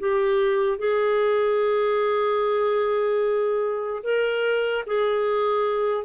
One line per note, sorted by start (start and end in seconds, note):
0.00 0.79 G4
0.79 4.03 G#4
4.04 4.85 A#4
4.86 6.05 G#4